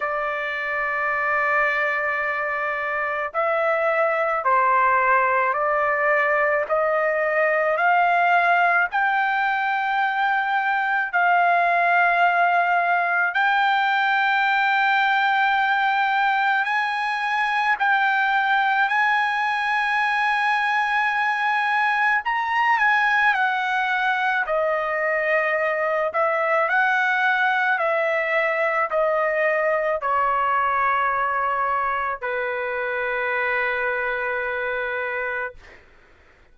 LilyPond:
\new Staff \with { instrumentName = "trumpet" } { \time 4/4 \tempo 4 = 54 d''2. e''4 | c''4 d''4 dis''4 f''4 | g''2 f''2 | g''2. gis''4 |
g''4 gis''2. | ais''8 gis''8 fis''4 dis''4. e''8 | fis''4 e''4 dis''4 cis''4~ | cis''4 b'2. | }